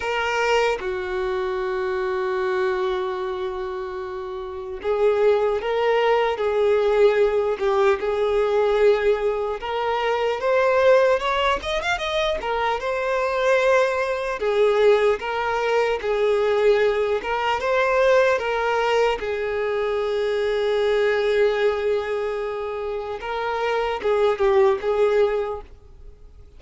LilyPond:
\new Staff \with { instrumentName = "violin" } { \time 4/4 \tempo 4 = 75 ais'4 fis'2.~ | fis'2 gis'4 ais'4 | gis'4. g'8 gis'2 | ais'4 c''4 cis''8 dis''16 f''16 dis''8 ais'8 |
c''2 gis'4 ais'4 | gis'4. ais'8 c''4 ais'4 | gis'1~ | gis'4 ais'4 gis'8 g'8 gis'4 | }